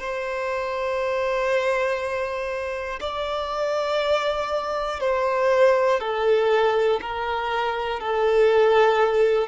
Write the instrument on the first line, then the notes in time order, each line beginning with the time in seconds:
violin
0.00 C5
3.00 D5
5.00 C5
6.00 A4
7.01 A#4
8.00 A4